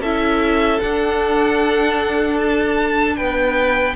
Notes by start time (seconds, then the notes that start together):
0.00 C#4 E4 A4 E5
0.81 D4 F#5
2.39 A5
3.16 B3 B4 G5